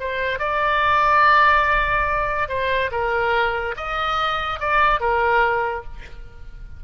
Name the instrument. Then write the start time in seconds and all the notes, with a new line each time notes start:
oboe
0.00 C5
0.39 D5
2.49 C5
2.92 A#4
3.77 D#5
4.60 D5
5.00 A#4